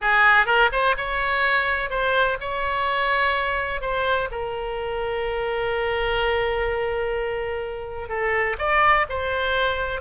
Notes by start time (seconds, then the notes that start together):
0.01 G#4
0.46 A#4
0.71 C5
0.97 C#5
1.90 C5
2.40 C#5
3.81 C5
4.31 A#4
8.08 A4
8.58 D5
9.09 C5